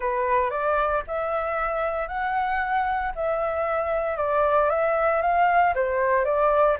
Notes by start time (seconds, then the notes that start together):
0.00 B4
0.50 D5
1.07 E5
2.08 F#5
3.15 E5
4.17 D5
4.69 E5
5.21 F5
5.74 C5
6.25 D5